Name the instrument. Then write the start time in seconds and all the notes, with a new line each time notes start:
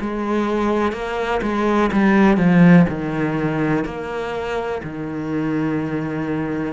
cello
0.00 G#3
0.92 A#3
1.42 G#3
1.92 G3
2.37 F3
2.89 D#3
3.84 A#3
4.83 D#3